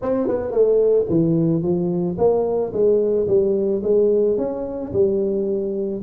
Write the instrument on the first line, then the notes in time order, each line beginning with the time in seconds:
tuba
0.02 C4
0.27 B3
0.51 A3
1.09 E3
1.62 F3
2.18 A#3
2.72 G#3
3.27 G3
3.83 G#3
4.37 C#4
4.92 G3